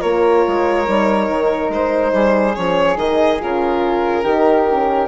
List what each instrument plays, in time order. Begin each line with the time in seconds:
0.00 bassoon A#3, horn F4, flute A#4, violin C#5
0.47 bassoon G#3
0.85 bassoon G3, horn D#4
1.29 bassoon D#3
1.69 bassoon G#3, violin C5
2.13 bassoon G3, flute G#4
2.54 bassoon F3, horn C#4, violin C#5
2.96 bassoon D#3, horn D#4, violin D#5
3.40 bassoon C#3, horn F4, violin A#4
4.23 bassoon D#3, horn D#4, flute G4
4.70 horn C#4